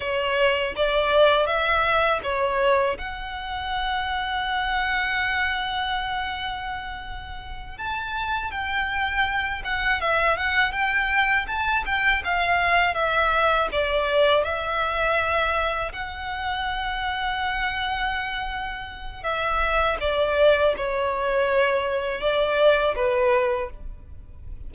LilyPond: \new Staff \with { instrumentName = "violin" } { \time 4/4 \tempo 4 = 81 cis''4 d''4 e''4 cis''4 | fis''1~ | fis''2~ fis''8 a''4 g''8~ | g''4 fis''8 e''8 fis''8 g''4 a''8 |
g''8 f''4 e''4 d''4 e''8~ | e''4. fis''2~ fis''8~ | fis''2 e''4 d''4 | cis''2 d''4 b'4 | }